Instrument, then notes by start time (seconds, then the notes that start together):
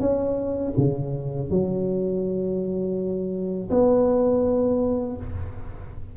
tuba
0.00 C#4
0.77 C#3
1.50 F#3
3.71 B3